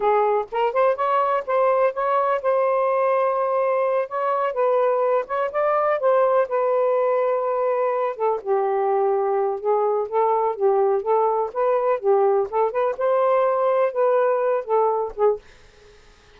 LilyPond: \new Staff \with { instrumentName = "saxophone" } { \time 4/4 \tempo 4 = 125 gis'4 ais'8 c''8 cis''4 c''4 | cis''4 c''2.~ | c''8 cis''4 b'4. cis''8 d''8~ | d''8 c''4 b'2~ b'8~ |
b'4 a'8 g'2~ g'8 | gis'4 a'4 g'4 a'4 | b'4 g'4 a'8 b'8 c''4~ | c''4 b'4. a'4 gis'8 | }